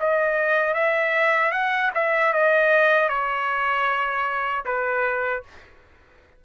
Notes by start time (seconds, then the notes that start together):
0.00 D#5
0.74 E5
1.52 F#5
1.94 E5
2.33 D#5
3.09 C#5
4.65 B4